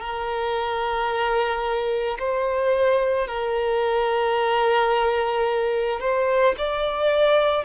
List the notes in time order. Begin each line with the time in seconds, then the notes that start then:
0.00 A#4
2.20 C5
3.28 A#4
6.00 C5
6.58 D5